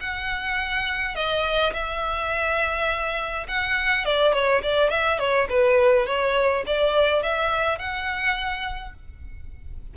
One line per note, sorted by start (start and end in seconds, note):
0.00 1.15 F#5
1.15 1.73 D#5
1.73 3.46 E5
3.48 4.05 F#5
4.05 4.33 D5
4.33 4.62 C#5
4.63 4.90 D5
4.90 5.19 E5
5.19 5.48 C#5
5.49 6.06 B4
6.06 6.64 C#5
6.66 7.22 D5
7.22 7.78 E5
7.78 8.93 F#5